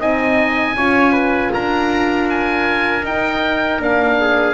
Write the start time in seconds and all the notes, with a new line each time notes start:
0.00 C4 D#4 D#5 G#5
0.75 C#4 F4 C#5
1.12 B4
1.53 D4 A#4 A#5
2.30 G#5
3.03 D#4 G5
3.79 A#3 D4 F5
4.21 G#4